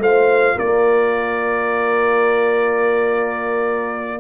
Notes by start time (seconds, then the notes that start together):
0.00 A3 F4 C5 F5
0.56 A#3 A#4 D5